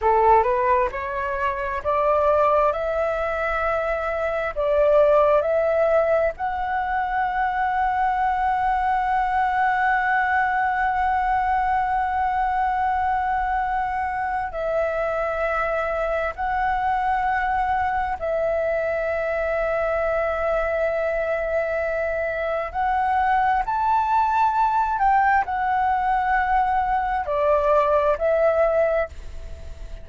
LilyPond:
\new Staff \with { instrumentName = "flute" } { \time 4/4 \tempo 4 = 66 a'8 b'8 cis''4 d''4 e''4~ | e''4 d''4 e''4 fis''4~ | fis''1~ | fis''1 |
e''2 fis''2 | e''1~ | e''4 fis''4 a''4. g''8 | fis''2 d''4 e''4 | }